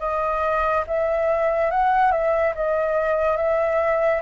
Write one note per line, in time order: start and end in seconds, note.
0.00 0.85 D#5
0.88 1.71 E5
1.71 2.12 F#5
2.12 2.54 E5
2.55 3.37 D#5
3.37 4.22 E5